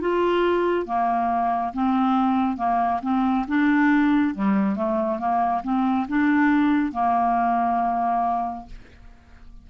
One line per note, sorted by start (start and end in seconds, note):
0.00 0.85 F4
0.85 1.72 A#3
1.73 2.57 C4
2.57 3.00 A#3
3.02 3.45 C4
3.47 4.34 D4
4.34 4.75 G3
4.75 5.19 A3
5.19 5.62 A#3
5.63 6.07 C4
6.08 6.92 D4
6.92 8.66 A#3